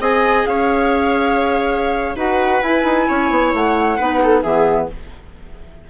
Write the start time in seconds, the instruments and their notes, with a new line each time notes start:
0.00 bassoon C4, clarinet G#4, viola D#5, flute G#5
0.46 bassoon C#4, viola C#5, flute F5
2.16 bassoon D#4, clarinet F#4, viola B4, flute F#5
2.62 bassoon E4, clarinet E4, flute G#5
2.84 bassoon D#4
3.08 bassoon C#4, viola C#5
3.30 bassoon B3
3.53 bassoon A3, flute F#5
3.97 bassoon B3, clarinet D#4, viola B4
4.24 viola A4
4.42 bassoon E3, clarinet B3, viola G#4, flute E5